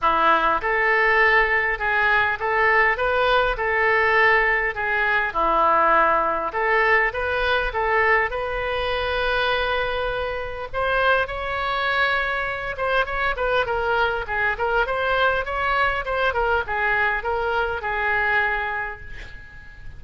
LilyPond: \new Staff \with { instrumentName = "oboe" } { \time 4/4 \tempo 4 = 101 e'4 a'2 gis'4 | a'4 b'4 a'2 | gis'4 e'2 a'4 | b'4 a'4 b'2~ |
b'2 c''4 cis''4~ | cis''4. c''8 cis''8 b'8 ais'4 | gis'8 ais'8 c''4 cis''4 c''8 ais'8 | gis'4 ais'4 gis'2 | }